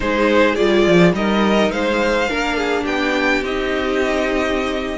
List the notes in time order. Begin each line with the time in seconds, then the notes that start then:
0.00 G#3 D#4 G#4 C5
0.55 G3 F4 D5
0.87 F3
1.12 G3 D#4 A#4 D#5
1.70 G#3 C5 F5
2.28 A#3 D4 A#4
2.56 G#4
2.83 B3 G4 G5
3.42 C4 D#4 D#5